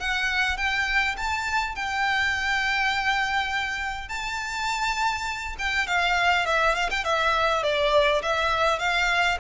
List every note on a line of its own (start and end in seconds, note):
0.00 0.57 F#5
0.57 1.16 G5
1.17 1.75 A5
1.75 4.09 G5
4.09 5.56 A5
5.59 5.87 G5
5.87 6.46 F5
6.46 6.75 E5
6.75 6.90 F5
6.90 7.04 G5
7.04 7.63 E5
7.63 8.22 D5
8.22 8.79 E5
8.79 9.38 F5